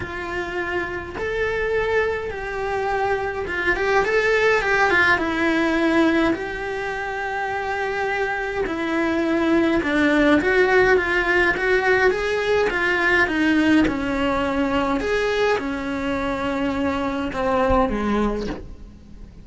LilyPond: \new Staff \with { instrumentName = "cello" } { \time 4/4 \tempo 4 = 104 f'2 a'2 | g'2 f'8 g'8 a'4 | g'8 f'8 e'2 g'4~ | g'2. e'4~ |
e'4 d'4 fis'4 f'4 | fis'4 gis'4 f'4 dis'4 | cis'2 gis'4 cis'4~ | cis'2 c'4 gis4 | }